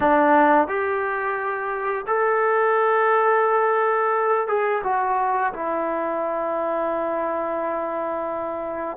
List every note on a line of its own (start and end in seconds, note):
0.00 0.67 D4
0.67 2.05 G4
2.07 4.47 A4
4.47 4.82 G#4
4.83 5.52 F#4
5.53 8.97 E4